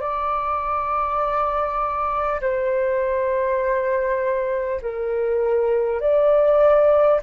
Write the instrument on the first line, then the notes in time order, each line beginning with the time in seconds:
flute
0.00 D5
2.41 C5
4.81 A#4
6.00 D5